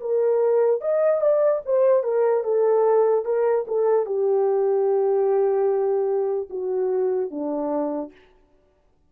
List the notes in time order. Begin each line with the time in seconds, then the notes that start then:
0.00 A#4
0.80 D#5
1.21 D5
1.65 C5
2.03 A#4
2.44 A4
3.24 A#4
3.67 A4
4.05 G4
6.49 F#4
7.30 D4